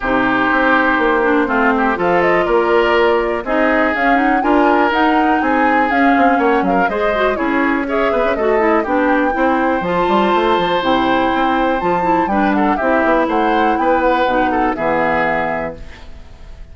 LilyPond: <<
  \new Staff \with { instrumentName = "flute" } { \time 4/4 \tempo 4 = 122 c''1 | f''8 dis''8 d''2 dis''4 | f''8 fis''8 gis''4 fis''4 gis''4 | f''4 fis''8 f''8 dis''4 cis''4 |
e''4 dis''4 g''2 | a''2 g''2 | a''4 g''8 fis''8 e''4 fis''4 | g''8 fis''4. e''2 | }
  \new Staff \with { instrumentName = "oboe" } { \time 4/4 g'2. f'8 g'8 | a'4 ais'2 gis'4~ | gis'4 ais'2 gis'4~ | gis'4 cis''8 ais'8 c''4 gis'4 |
cis''8 b'8 a'4 g'4 c''4~ | c''1~ | c''4 b'8 a'8 g'4 c''4 | b'4. a'8 gis'2 | }
  \new Staff \with { instrumentName = "clarinet" } { \time 4/4 dis'2~ dis'8 d'8 c'4 | f'2. dis'4 | cis'8 dis'8 f'4 dis'2 | cis'2 gis'8 fis'8 e'4 |
gis'4 fis'8 e'8 d'4 e'4 | f'2 e'2 | f'8 e'8 d'4 e'2~ | e'4 dis'4 b2 | }
  \new Staff \with { instrumentName = "bassoon" } { \time 4/4 c4 c'4 ais4 a4 | f4 ais2 c'4 | cis'4 d'4 dis'4 c'4 | cis'8 c'8 ais8 fis8 gis4 cis'4~ |
cis'8 b16 cis'16 a4 b4 c'4 | f8 g8 a8 f8 c4 c'4 | f4 g4 c'8 b8 a4 | b4 b,4 e2 | }
>>